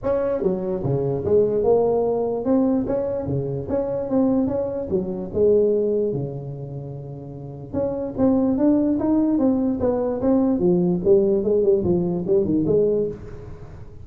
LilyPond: \new Staff \with { instrumentName = "tuba" } { \time 4/4 \tempo 4 = 147 cis'4 fis4 cis4 gis4 | ais2 c'4 cis'4 | cis4 cis'4 c'4 cis'4 | fis4 gis2 cis4~ |
cis2. cis'4 | c'4 d'4 dis'4 c'4 | b4 c'4 f4 g4 | gis8 g8 f4 g8 dis8 gis4 | }